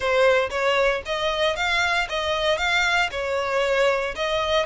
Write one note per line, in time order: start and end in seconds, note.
0.00 0.49 C5
0.50 1.02 C#5
1.05 1.55 D#5
1.55 2.07 F5
2.09 2.57 D#5
2.57 3.09 F5
3.11 4.14 C#5
4.15 4.65 D#5